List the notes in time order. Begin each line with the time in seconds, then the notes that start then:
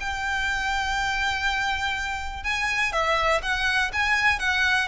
0.00 G5
2.43 G#5
2.92 E5
3.42 F#5
3.93 G#5
4.39 F#5